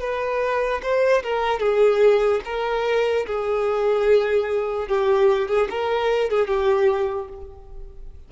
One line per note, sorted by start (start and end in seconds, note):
0.00 0.81 B4
0.82 1.23 C5
1.23 1.60 A#4
1.60 2.41 G#4
2.45 3.26 A#4
3.26 4.88 G#4
4.88 5.48 G4
5.48 5.68 G#4
5.70 6.30 A#4
6.30 6.47 G#4
6.47 7.28 G4